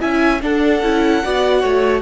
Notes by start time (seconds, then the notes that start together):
0.00 C#4 E4 E5 G#5
0.41 D4 A4 F#5
0.82 C#4 E4
1.24 B3 F#4 D5
1.61 A3 C#5